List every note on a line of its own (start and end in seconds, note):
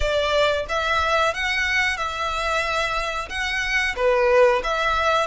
0.00 0.65 D5
0.69 1.34 E5
1.34 1.97 F#5
1.97 3.28 E5
3.29 3.95 F#5
3.96 4.62 B4
4.63 5.26 E5